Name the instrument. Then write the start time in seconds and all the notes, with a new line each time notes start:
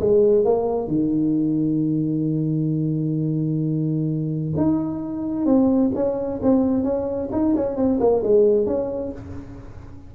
tuba
0.00 G#3
0.44 A#3
0.87 D#3
4.57 D#4
5.45 C4
5.95 C#4
6.42 C4
6.83 C#4
7.32 D#4
7.56 C#4
7.76 C4
8.00 A#3
8.23 G#3
8.66 C#4